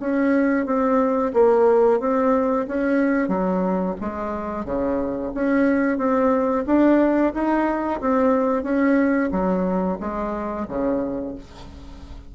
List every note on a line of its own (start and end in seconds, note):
0.00 0.66 C#4
0.66 1.33 C4
1.34 2.00 A#3
2.00 2.67 C4
2.68 3.28 C#4
3.28 3.95 F#3
4.01 4.65 G#3
4.65 5.32 C#3
5.35 5.98 C#4
5.98 6.65 C4
6.66 7.33 D4
7.34 8.01 D#4
8.01 8.63 C4
8.63 9.30 C#4
9.32 9.98 F#3
10.00 10.67 G#3
10.68 11.35 C#3